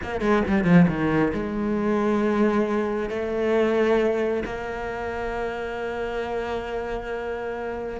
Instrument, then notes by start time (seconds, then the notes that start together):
cello
0.02 A#3
0.20 G#3
0.47 G3
0.64 F3
0.88 D#3
1.33 G#3
3.09 A3
4.45 A#3